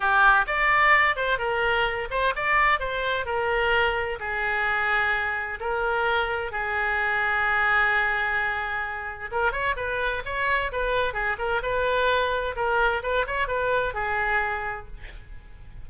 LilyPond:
\new Staff \with { instrumentName = "oboe" } { \time 4/4 \tempo 4 = 129 g'4 d''4. c''8 ais'4~ | ais'8 c''8 d''4 c''4 ais'4~ | ais'4 gis'2. | ais'2 gis'2~ |
gis'1 | ais'8 cis''8 b'4 cis''4 b'4 | gis'8 ais'8 b'2 ais'4 | b'8 cis''8 b'4 gis'2 | }